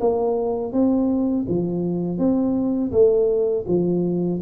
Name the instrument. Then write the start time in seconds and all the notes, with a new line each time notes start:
tuba
0.00 A#3
0.73 C4
1.48 F3
2.18 C4
2.92 A3
3.67 F3